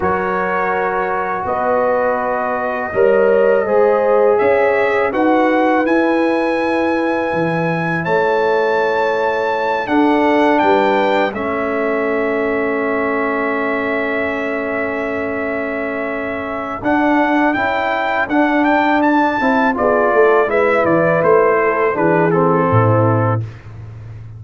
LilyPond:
<<
  \new Staff \with { instrumentName = "trumpet" } { \time 4/4 \tempo 4 = 82 cis''2 dis''2~ | dis''2 e''4 fis''4 | gis''2. a''4~ | a''4. fis''4 g''4 e''8~ |
e''1~ | e''2. fis''4 | g''4 fis''8 g''8 a''4 d''4 | e''8 d''8 c''4 b'8 a'4. | }
  \new Staff \with { instrumentName = "horn" } { \time 4/4 ais'2 b'2 | cis''4 c''4 cis''4 b'4~ | b'2. cis''4~ | cis''4. a'4 b'4 a'8~ |
a'1~ | a'1~ | a'2. gis'8 a'8 | b'4. a'8 gis'4 e'4 | }
  \new Staff \with { instrumentName = "trombone" } { \time 4/4 fis'1 | ais'4 gis'2 fis'4 | e'1~ | e'4. d'2 cis'8~ |
cis'1~ | cis'2. d'4 | e'4 d'4. e'8 f'4 | e'2 d'8 c'4. | }
  \new Staff \with { instrumentName = "tuba" } { \time 4/4 fis2 b2 | g4 gis4 cis'4 dis'4 | e'2 e4 a4~ | a4. d'4 g4 a8~ |
a1~ | a2. d'4 | cis'4 d'4. c'8 b8 a8 | gis8 e8 a4 e4 a,4 | }
>>